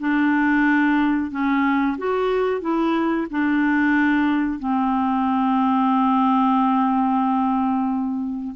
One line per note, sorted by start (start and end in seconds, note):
0.00 1.31 D4
1.31 1.97 C#4
1.98 2.61 F#4
2.61 3.27 E4
3.30 4.59 D4
4.59 8.54 C4